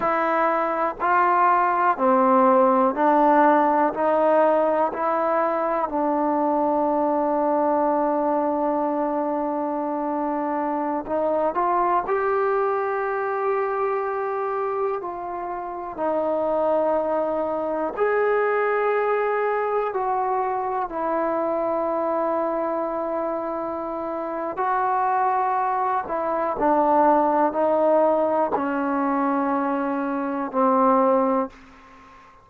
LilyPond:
\new Staff \with { instrumentName = "trombone" } { \time 4/4 \tempo 4 = 61 e'4 f'4 c'4 d'4 | dis'4 e'4 d'2~ | d'2.~ d'16 dis'8 f'16~ | f'16 g'2. f'8.~ |
f'16 dis'2 gis'4.~ gis'16~ | gis'16 fis'4 e'2~ e'8.~ | e'4 fis'4. e'8 d'4 | dis'4 cis'2 c'4 | }